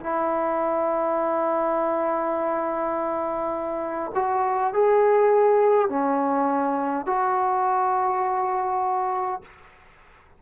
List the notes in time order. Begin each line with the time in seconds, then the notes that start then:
0.00 E4
4.14 F#4
4.73 G#4
5.89 C#4
7.06 F#4